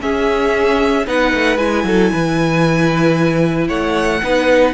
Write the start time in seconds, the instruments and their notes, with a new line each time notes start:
0.00 viola C#4, cello C#4, violin G#4 E5
1.06 cello B3, viola D#4, violin B4 F#5
1.35 cello A3
1.57 cello G#3, viola E4, violin G#5
1.84 cello F#3, violin A4
2.12 cello E3, violin B4
3.68 cello A3, violin C#5 F#5
4.23 cello B3, viola D#4, violin B4